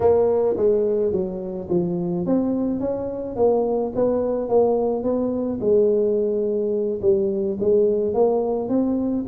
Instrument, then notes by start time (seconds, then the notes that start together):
tuba
0.00 A#3
0.57 G#3
1.12 F#3
1.69 F3
2.26 C4
2.80 C#4
3.36 A#3
3.95 B3
4.49 A#3
5.03 B3
5.60 G#3
7.01 G3
7.60 G#3
8.14 A#3
8.68 C4